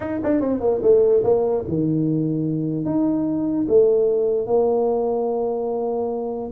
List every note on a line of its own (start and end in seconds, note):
0.00 0.19 D#4
0.23 0.40 D4
0.40 0.60 C4
0.60 0.80 A#3
0.82 1.23 A3
1.23 1.64 A#3
1.68 2.85 D#3
2.85 3.67 D#4
3.68 4.47 A3
4.47 6.51 A#3